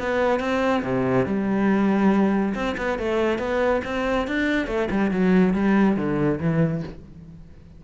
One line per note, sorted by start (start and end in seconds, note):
0.00 0.40 B3
0.40 0.83 C4
0.84 1.26 C3
1.26 2.55 G3
2.55 2.76 C4
2.78 2.99 B3
2.99 3.39 A3
3.39 3.82 B3
3.85 4.28 C4
4.28 4.68 D4
4.68 4.89 A3
4.91 5.12 G3
5.12 5.54 F#3
5.54 5.97 G3
5.97 6.40 D3
6.41 6.84 E3